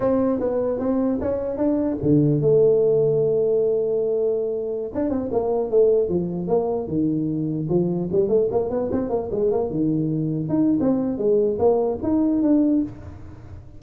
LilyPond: \new Staff \with { instrumentName = "tuba" } { \time 4/4 \tempo 4 = 150 c'4 b4 c'4 cis'4 | d'4 d4 a2~ | a1~ | a16 d'8 c'8 ais4 a4 f8.~ |
f16 ais4 dis2 f8.~ | f16 g8 a8 ais8 b8 c'8 ais8 gis8 ais16~ | ais16 dis2 dis'8. c'4 | gis4 ais4 dis'4 d'4 | }